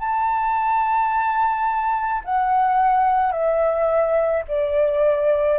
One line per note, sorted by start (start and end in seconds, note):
0.00 2.22 A5
2.25 3.32 F#5
3.32 4.43 E5
4.48 5.59 D5